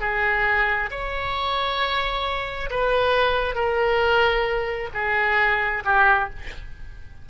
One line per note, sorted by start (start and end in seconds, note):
0.00 0.90 G#4
0.90 2.69 C#5
2.70 3.55 B4
3.55 4.89 A#4
4.93 5.83 G#4
5.85 6.29 G4